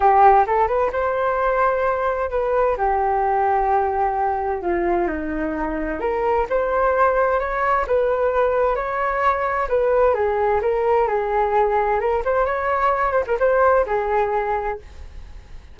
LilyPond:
\new Staff \with { instrumentName = "flute" } { \time 4/4 \tempo 4 = 130 g'4 a'8 b'8 c''2~ | c''4 b'4 g'2~ | g'2 f'4 dis'4~ | dis'4 ais'4 c''2 |
cis''4 b'2 cis''4~ | cis''4 b'4 gis'4 ais'4 | gis'2 ais'8 c''8 cis''4~ | cis''8 c''16 ais'16 c''4 gis'2 | }